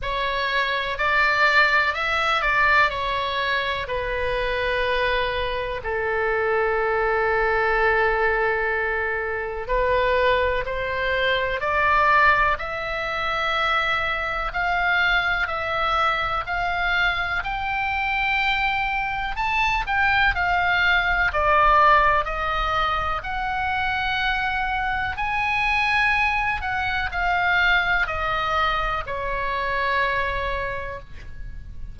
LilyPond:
\new Staff \with { instrumentName = "oboe" } { \time 4/4 \tempo 4 = 62 cis''4 d''4 e''8 d''8 cis''4 | b'2 a'2~ | a'2 b'4 c''4 | d''4 e''2 f''4 |
e''4 f''4 g''2 | a''8 g''8 f''4 d''4 dis''4 | fis''2 gis''4. fis''8 | f''4 dis''4 cis''2 | }